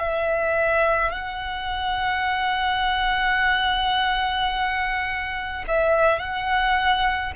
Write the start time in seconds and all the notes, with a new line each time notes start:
0.00 E5
1.12 F#5
5.68 E5
6.20 F#5